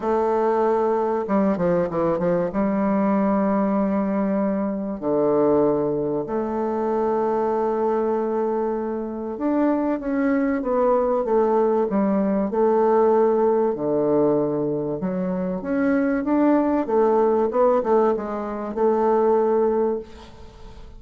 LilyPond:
\new Staff \with { instrumentName = "bassoon" } { \time 4/4 \tempo 4 = 96 a2 g8 f8 e8 f8 | g1 | d2 a2~ | a2. d'4 |
cis'4 b4 a4 g4 | a2 d2 | fis4 cis'4 d'4 a4 | b8 a8 gis4 a2 | }